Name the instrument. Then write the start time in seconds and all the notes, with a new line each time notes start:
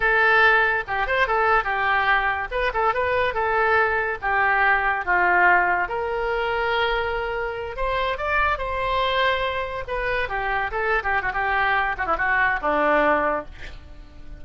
oboe
0.00 A4
0.87 G4
1.07 C5
1.27 A4
1.64 G4
2.51 B4
2.73 A4
2.94 B4
3.34 A4
4.21 G4
5.05 F4
5.88 A#4
7.76 C5
8.17 D5
8.58 C5
9.87 B4
10.28 G4
10.71 A4
11.03 G4
11.22 F#4
11.33 G4
11.97 F#4
12.06 E4
12.17 F#4
12.61 D4